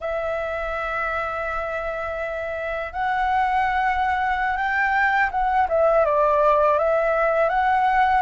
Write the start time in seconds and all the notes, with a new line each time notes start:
0.00 E5
2.92 F#5
4.57 G5
5.31 F#5
5.68 E5
6.05 D5
6.78 E5
7.49 F#5